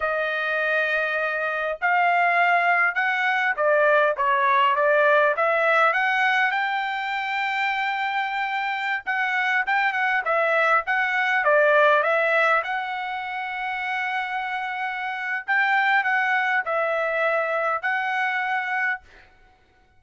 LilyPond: \new Staff \with { instrumentName = "trumpet" } { \time 4/4 \tempo 4 = 101 dis''2. f''4~ | f''4 fis''4 d''4 cis''4 | d''4 e''4 fis''4 g''4~ | g''2.~ g''16 fis''8.~ |
fis''16 g''8 fis''8 e''4 fis''4 d''8.~ | d''16 e''4 fis''2~ fis''8.~ | fis''2 g''4 fis''4 | e''2 fis''2 | }